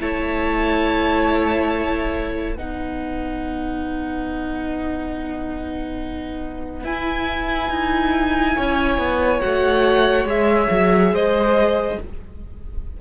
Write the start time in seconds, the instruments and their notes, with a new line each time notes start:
0.00 cello A3, viola E4, violin C#5 A5
2.55 cello B3, viola D#4, violin B4 F#5
6.84 cello E4, viola E4, violin G#5
7.70 cello D#4
8.56 cello C#4, violin C#5
8.98 cello B3
9.41 cello A3, viola F#4, violin F#5
10.25 cello G#3, viola G#4, violin E5
10.71 cello F#3
11.12 cello G#3, violin C5 D#5